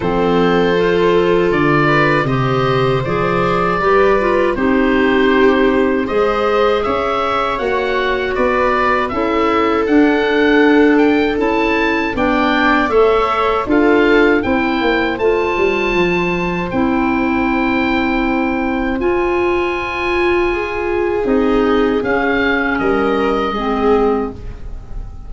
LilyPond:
<<
  \new Staff \with { instrumentName = "oboe" } { \time 4/4 \tempo 4 = 79 c''2 d''4 dis''4 | d''2 c''2 | dis''4 e''4 fis''4 d''4 | e''4 fis''4. g''8 a''4 |
g''4 e''4 f''4 g''4 | a''2 g''2~ | g''4 gis''2. | dis''4 f''4 dis''2 | }
  \new Staff \with { instrumentName = "viola" } { \time 4/4 a'2~ a'8 b'8 c''4~ | c''4 b'4 g'2 | c''4 cis''2 b'4 | a'1 |
d''4 cis''4 a'4 c''4~ | c''1~ | c''2. gis'4~ | gis'2 ais'4 gis'4 | }
  \new Staff \with { instrumentName = "clarinet" } { \time 4/4 c'4 f'2 g'4 | gis'4 g'8 f'8 dis'2 | gis'2 fis'2 | e'4 d'2 e'4 |
d'4 a'4 f'4 e'4 | f'2 e'2~ | e'4 f'2. | dis'4 cis'2 c'4 | }
  \new Staff \with { instrumentName = "tuba" } { \time 4/4 f2 d4 c4 | f4 g4 c'2 | gis4 cis'4 ais4 b4 | cis'4 d'2 cis'4 |
b4 a4 d'4 c'8 ais8 | a8 g8 f4 c'2~ | c'4 f'2. | c'4 cis'4 g4 gis4 | }
>>